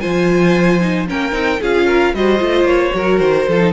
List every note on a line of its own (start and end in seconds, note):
0.00 1.11 F3
0.00 0.81 F4
0.00 1.08 C5
0.00 1.06 G#5
0.81 1.08 D#4
1.08 1.32 A#3
1.08 1.32 C#4
1.08 1.61 A#4
1.08 1.63 G5
1.32 1.59 C4
1.32 1.58 D#4
1.61 2.14 C#4
1.61 2.14 F4
1.61 1.87 G#4
1.61 2.14 F5
1.87 2.13 A#4
2.14 2.40 G3
2.14 2.39 F#4
2.14 2.96 C5
2.14 2.66 D#5
2.39 2.64 A3
2.39 2.92 F4
2.64 2.91 A#3
2.64 3.19 C#5
2.94 3.20 F#3
2.94 3.47 F#4
2.94 3.49 A#4
3.19 3.47 D#3
3.19 3.72 C5
3.48 3.73 F3
3.48 3.60 F4
3.48 3.73 A4
3.60 3.73 D#4